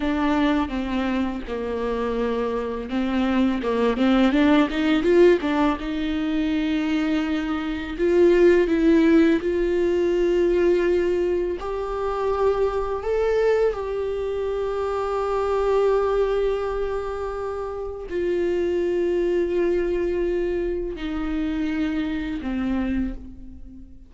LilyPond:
\new Staff \with { instrumentName = "viola" } { \time 4/4 \tempo 4 = 83 d'4 c'4 ais2 | c'4 ais8 c'8 d'8 dis'8 f'8 d'8 | dis'2. f'4 | e'4 f'2. |
g'2 a'4 g'4~ | g'1~ | g'4 f'2.~ | f'4 dis'2 c'4 | }